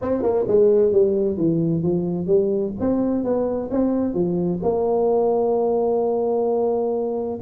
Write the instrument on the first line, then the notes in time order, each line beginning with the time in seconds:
tuba
0.01 C4
0.22 A#3
0.47 G#3
0.92 G3
1.37 E3
1.82 F3
2.26 G3
2.79 C4
3.23 B3
3.70 C4
4.13 F3
4.62 A#3